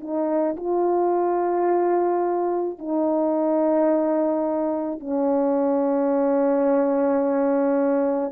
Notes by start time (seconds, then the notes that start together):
0.00 D#4
0.57 F4
2.79 D#4
4.99 C#4